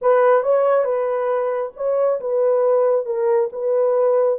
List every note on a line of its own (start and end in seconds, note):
0.01 0.42 B4
0.42 0.84 C#5
0.84 1.72 B4
1.76 2.20 C#5
2.20 3.05 B4
3.05 3.49 A#4
3.52 4.39 B4